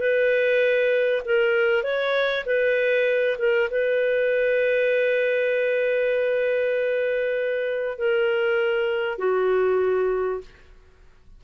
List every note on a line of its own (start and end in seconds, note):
0.00 1.22 B4
1.26 1.83 A#4
1.83 2.44 C#5
2.46 3.38 B4
3.38 3.69 A#4
3.70 7.98 B4
7.98 9.19 A#4
9.19 10.41 F#4